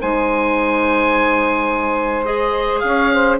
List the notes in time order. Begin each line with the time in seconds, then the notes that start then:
0.00 G#3 D#4 C5 G#5
2.26 G#4 D#5
2.80 C#4 F5
2.87 C#5
3.14 C5